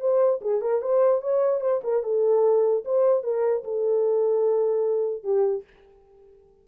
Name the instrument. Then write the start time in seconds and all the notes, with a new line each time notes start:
horn
0.00 C5
0.41 G#4
0.61 A#4
0.81 C5
1.21 C#5
1.61 C5
1.83 A#4
2.03 A4
2.85 C5
3.23 A#4
3.64 A4
5.23 G4